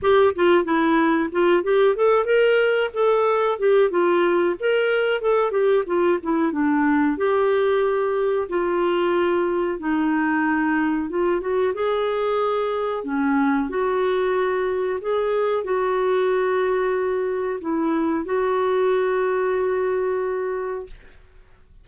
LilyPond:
\new Staff \with { instrumentName = "clarinet" } { \time 4/4 \tempo 4 = 92 g'8 f'8 e'4 f'8 g'8 a'8 ais'8~ | ais'8 a'4 g'8 f'4 ais'4 | a'8 g'8 f'8 e'8 d'4 g'4~ | g'4 f'2 dis'4~ |
dis'4 f'8 fis'8 gis'2 | cis'4 fis'2 gis'4 | fis'2. e'4 | fis'1 | }